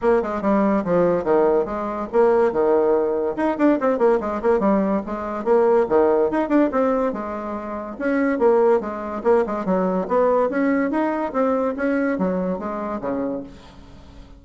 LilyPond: \new Staff \with { instrumentName = "bassoon" } { \time 4/4 \tempo 4 = 143 ais8 gis8 g4 f4 dis4 | gis4 ais4 dis2 | dis'8 d'8 c'8 ais8 gis8 ais8 g4 | gis4 ais4 dis4 dis'8 d'8 |
c'4 gis2 cis'4 | ais4 gis4 ais8 gis8 fis4 | b4 cis'4 dis'4 c'4 | cis'4 fis4 gis4 cis4 | }